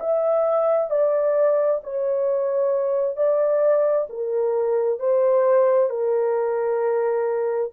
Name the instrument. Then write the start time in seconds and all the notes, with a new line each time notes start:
horn
0.00 E5
0.90 D5
1.83 C#5
3.17 D5
4.10 A#4
5.00 C5
5.90 A#4